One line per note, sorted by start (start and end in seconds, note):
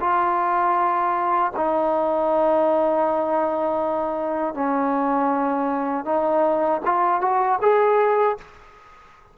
0.00 1.52 F4
1.56 4.54 D#4
4.54 6.05 C#4
6.05 6.81 D#4
6.85 7.21 F4
7.21 7.59 F#4
7.62 8.38 G#4